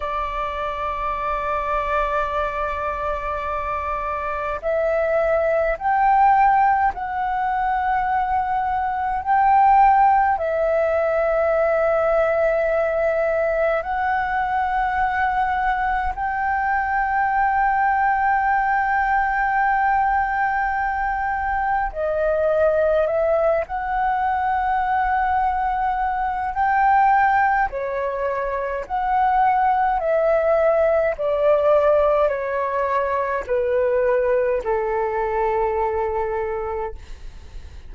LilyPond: \new Staff \with { instrumentName = "flute" } { \time 4/4 \tempo 4 = 52 d''1 | e''4 g''4 fis''2 | g''4 e''2. | fis''2 g''2~ |
g''2. dis''4 | e''8 fis''2~ fis''8 g''4 | cis''4 fis''4 e''4 d''4 | cis''4 b'4 a'2 | }